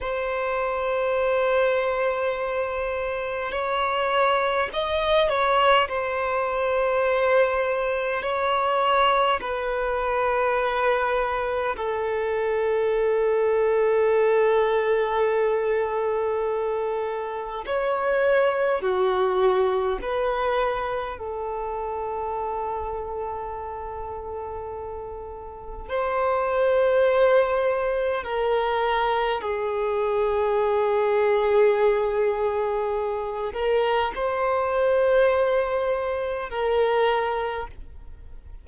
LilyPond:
\new Staff \with { instrumentName = "violin" } { \time 4/4 \tempo 4 = 51 c''2. cis''4 | dis''8 cis''8 c''2 cis''4 | b'2 a'2~ | a'2. cis''4 |
fis'4 b'4 a'2~ | a'2 c''2 | ais'4 gis'2.~ | gis'8 ais'8 c''2 ais'4 | }